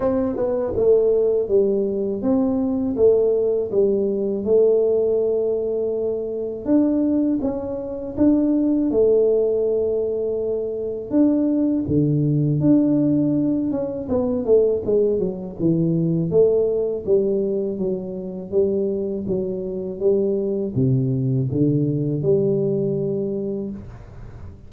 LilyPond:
\new Staff \with { instrumentName = "tuba" } { \time 4/4 \tempo 4 = 81 c'8 b8 a4 g4 c'4 | a4 g4 a2~ | a4 d'4 cis'4 d'4 | a2. d'4 |
d4 d'4. cis'8 b8 a8 | gis8 fis8 e4 a4 g4 | fis4 g4 fis4 g4 | c4 d4 g2 | }